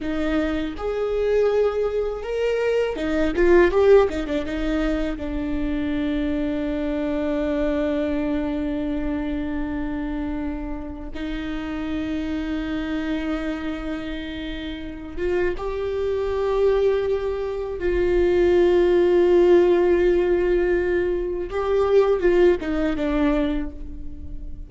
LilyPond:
\new Staff \with { instrumentName = "viola" } { \time 4/4 \tempo 4 = 81 dis'4 gis'2 ais'4 | dis'8 f'8 g'8 dis'16 d'16 dis'4 d'4~ | d'1~ | d'2. dis'4~ |
dis'1~ | dis'8 f'8 g'2. | f'1~ | f'4 g'4 f'8 dis'8 d'4 | }